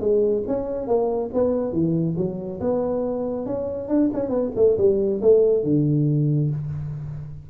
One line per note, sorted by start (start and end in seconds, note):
0.00 0.43 G#3
0.47 0.87 C#4
0.87 1.30 A#3
1.33 1.72 B3
1.72 2.15 E3
2.17 2.60 F#3
2.61 3.46 B3
3.46 3.88 C#4
3.88 4.10 D4
4.13 4.29 C#4
4.29 4.51 B3
4.56 4.77 A3
4.78 5.21 G3
5.22 5.64 A3
5.64 6.50 D3